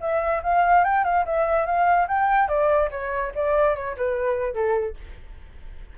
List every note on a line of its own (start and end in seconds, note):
0.00 0.41 E5
0.43 0.84 F5
0.84 1.04 G5
1.04 1.25 F5
1.25 1.65 E5
1.65 2.07 F5
2.07 2.48 G5
2.48 2.89 D5
2.91 3.32 C#5
3.35 3.75 D5
3.75 3.96 C#5
3.96 4.53 B4
4.53 4.95 A4